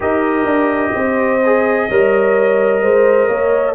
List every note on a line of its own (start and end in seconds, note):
0.00 0.44 D#4
0.00 1.41 G4
0.00 0.92 A#4
0.00 3.75 D#5
0.44 0.91 D4
0.93 1.88 C4
0.93 1.87 C5
1.45 1.90 G#4
1.88 2.81 G3
1.88 3.75 A#4
1.88 2.81 C#5
2.81 3.28 G#3
2.81 3.28 C5
3.28 3.75 A#3
3.28 3.74 C#5